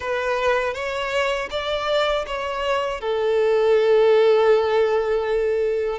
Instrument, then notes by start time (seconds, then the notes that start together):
violin
0.00 B4
0.74 C#5
1.50 D5
2.26 C#5
3.00 A4